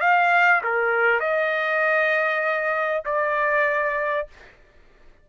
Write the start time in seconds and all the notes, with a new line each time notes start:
0.00 F5
0.63 A#4
1.19 D#5
3.05 D5